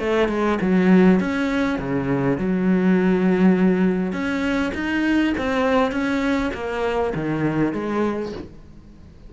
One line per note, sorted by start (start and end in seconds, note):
0.00 0.29 A3
0.29 0.59 G#3
0.62 1.20 F#3
1.20 1.79 C#4
1.79 2.38 C#3
2.38 4.13 F#3
4.13 4.72 C#4
4.74 5.34 D#4
5.38 5.92 C4
5.92 6.52 C#4
6.54 7.14 A#3
7.15 7.73 D#3
7.73 8.32 G#3